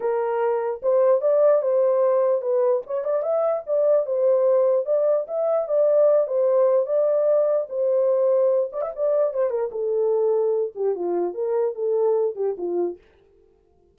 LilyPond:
\new Staff \with { instrumentName = "horn" } { \time 4/4 \tempo 4 = 148 ais'2 c''4 d''4 | c''2 b'4 cis''8 d''8 | e''4 d''4 c''2 | d''4 e''4 d''4. c''8~ |
c''4 d''2 c''4~ | c''4. d''16 e''16 d''4 c''8 ais'8 | a'2~ a'8 g'8 f'4 | ais'4 a'4. g'8 f'4 | }